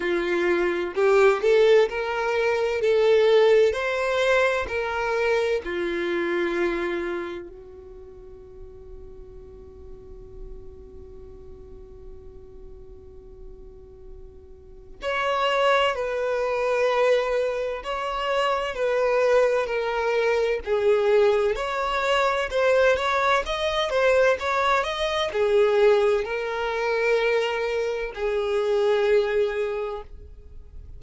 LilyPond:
\new Staff \with { instrumentName = "violin" } { \time 4/4 \tempo 4 = 64 f'4 g'8 a'8 ais'4 a'4 | c''4 ais'4 f'2 | fis'1~ | fis'1 |
cis''4 b'2 cis''4 | b'4 ais'4 gis'4 cis''4 | c''8 cis''8 dis''8 c''8 cis''8 dis''8 gis'4 | ais'2 gis'2 | }